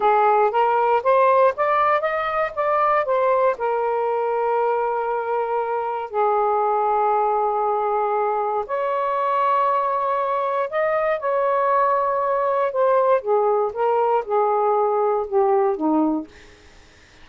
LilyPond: \new Staff \with { instrumentName = "saxophone" } { \time 4/4 \tempo 4 = 118 gis'4 ais'4 c''4 d''4 | dis''4 d''4 c''4 ais'4~ | ais'1 | gis'1~ |
gis'4 cis''2.~ | cis''4 dis''4 cis''2~ | cis''4 c''4 gis'4 ais'4 | gis'2 g'4 dis'4 | }